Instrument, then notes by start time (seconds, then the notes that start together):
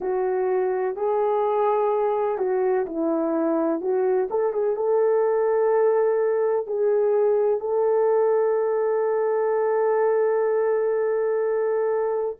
horn
0.00 F#4
0.95 G#4
2.38 F#4
2.86 E4
3.81 F#4
4.30 A4
4.52 G#4
4.76 A4
6.67 G#4
7.60 A4